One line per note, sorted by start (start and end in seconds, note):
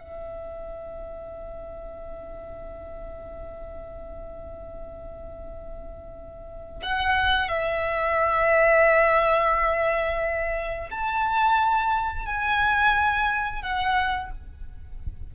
0.00 6.82 E5
6.83 7.49 F#5
7.49 10.90 E5
10.91 12.26 A5
12.26 13.62 G#5
13.62 14.31 F#5